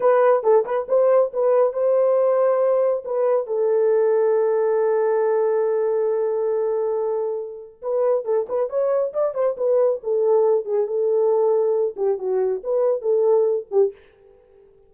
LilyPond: \new Staff \with { instrumentName = "horn" } { \time 4/4 \tempo 4 = 138 b'4 a'8 b'8 c''4 b'4 | c''2. b'4 | a'1~ | a'1~ |
a'2 b'4 a'8 b'8 | cis''4 d''8 c''8 b'4 a'4~ | a'8 gis'8 a'2~ a'8 g'8 | fis'4 b'4 a'4. g'8 | }